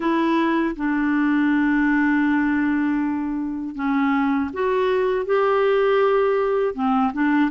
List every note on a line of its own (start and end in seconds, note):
0.00 0.75 E4
0.76 3.75 D4
3.75 4.50 C#4
4.53 5.25 F#4
5.25 6.74 G4
6.74 7.11 C4
7.13 7.50 D4